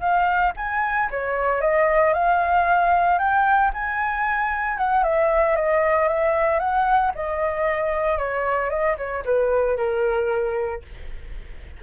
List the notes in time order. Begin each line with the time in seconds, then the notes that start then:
0.00 F5
0.56 G#5
1.11 C#5
1.61 D#5
2.13 F5
3.18 G5
3.73 G#5
4.77 F#5
5.04 E5
5.56 D#5
6.08 E5
6.59 F#5
7.15 D#5
8.18 C#5
8.70 D#5
8.97 C#5
9.25 B4
9.77 A#4